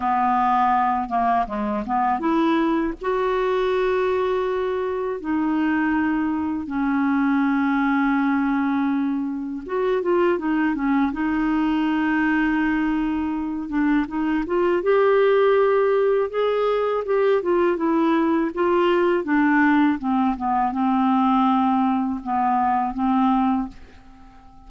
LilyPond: \new Staff \with { instrumentName = "clarinet" } { \time 4/4 \tempo 4 = 81 b4. ais8 gis8 b8 e'4 | fis'2. dis'4~ | dis'4 cis'2.~ | cis'4 fis'8 f'8 dis'8 cis'8 dis'4~ |
dis'2~ dis'8 d'8 dis'8 f'8 | g'2 gis'4 g'8 f'8 | e'4 f'4 d'4 c'8 b8 | c'2 b4 c'4 | }